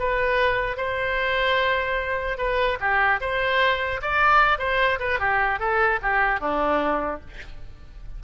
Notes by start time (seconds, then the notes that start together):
0.00 B4
0.77 C5
2.38 B4
2.81 G4
3.21 C5
4.02 D5
4.59 C5
5.00 B4
5.20 G4
5.60 A4
6.03 G4
6.41 D4